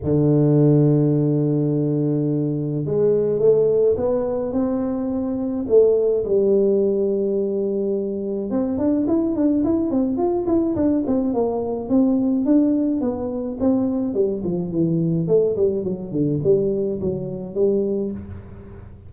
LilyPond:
\new Staff \with { instrumentName = "tuba" } { \time 4/4 \tempo 4 = 106 d1~ | d4 gis4 a4 b4 | c'2 a4 g4~ | g2. c'8 d'8 |
e'8 d'8 e'8 c'8 f'8 e'8 d'8 c'8 | ais4 c'4 d'4 b4 | c'4 g8 f8 e4 a8 g8 | fis8 d8 g4 fis4 g4 | }